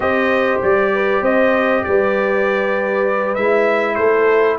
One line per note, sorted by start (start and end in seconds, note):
0.00 0.58 C4
0.00 3.37 G4
0.00 0.92 C5
0.00 0.61 D#5
0.62 1.21 G3
0.62 1.24 D5
0.93 1.21 B4
1.21 1.83 C4
1.21 1.82 C5
1.21 1.84 D#5
1.84 3.36 G3
1.84 3.96 B4
1.84 3.34 D5
3.34 3.97 G#3
3.34 4.58 E4
3.34 3.95 E5
3.95 4.58 A3
3.95 4.58 A4
3.95 4.56 C5